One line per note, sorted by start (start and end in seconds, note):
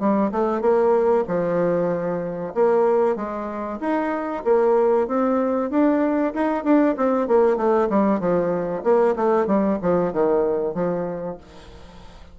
0.00 0.32 G3
0.32 0.61 A3
0.61 1.25 A#3
1.28 2.54 F3
2.55 3.16 A#3
3.16 3.80 G#3
3.81 4.44 D#4
4.45 5.08 A#3
5.08 5.71 C4
5.71 6.34 D4
6.34 6.64 D#4
6.64 6.96 D4
6.97 7.28 C4
7.28 7.57 A#3
7.57 7.89 A3
7.90 8.20 G3
8.20 8.83 F3
8.84 9.15 A#3
9.16 9.47 A3
9.47 9.78 G3
9.82 10.13 F3
10.13 10.75 D#3
10.75 11.38 F3